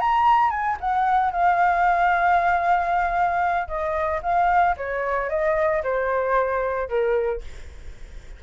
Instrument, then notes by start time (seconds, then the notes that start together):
flute
0.00 A#5
0.50 G#5
0.80 F#5
1.32 F5
3.67 D#5
4.22 F5
4.77 C#5
5.29 D#5
5.83 C5
6.88 A#4